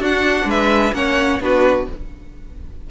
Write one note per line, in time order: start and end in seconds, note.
0.00 0.45 D4
0.00 0.93 D4
0.00 0.47 F#4
0.00 0.50 F#5
0.45 0.92 G#3
0.45 0.95 B4
0.45 0.94 E5
0.92 1.39 A#3
0.92 1.40 C#4
0.92 1.43 C#5
0.92 1.41 F#5
1.40 1.87 B3
1.40 1.87 D4
1.40 1.90 F#4
1.40 1.91 B4